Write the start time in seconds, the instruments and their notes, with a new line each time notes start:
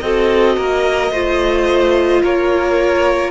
0.00 cello C4, viola F#4, violin A4 D#5
0.56 cello A#3, violin A#4
1.11 cello A3, viola F4, violin C5
2.22 cello A#3, violin A#4 C#5